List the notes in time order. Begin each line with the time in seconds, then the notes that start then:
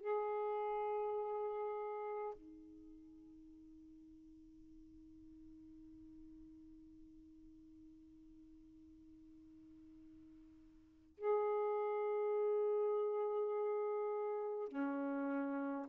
0.00 G#4
2.34 D#4
11.18 G#4
14.68 C#4